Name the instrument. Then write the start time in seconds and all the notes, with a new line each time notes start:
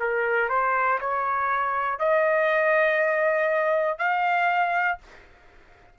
trumpet
0.00 A#4
0.50 C5
1.01 C#5
2.00 D#5
3.99 F5